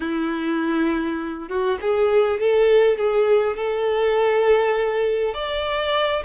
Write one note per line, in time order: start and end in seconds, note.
0.00 1.49 E4
1.49 1.78 F#4
1.81 2.40 G#4
2.40 2.97 A4
2.97 3.56 G#4
3.56 5.34 A4
5.34 6.23 D5